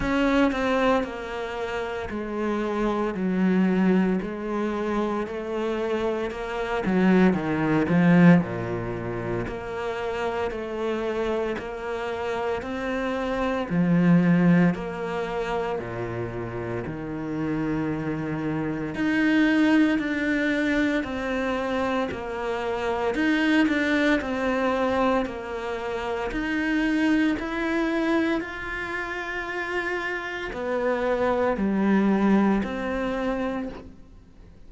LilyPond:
\new Staff \with { instrumentName = "cello" } { \time 4/4 \tempo 4 = 57 cis'8 c'8 ais4 gis4 fis4 | gis4 a4 ais8 fis8 dis8 f8 | ais,4 ais4 a4 ais4 | c'4 f4 ais4 ais,4 |
dis2 dis'4 d'4 | c'4 ais4 dis'8 d'8 c'4 | ais4 dis'4 e'4 f'4~ | f'4 b4 g4 c'4 | }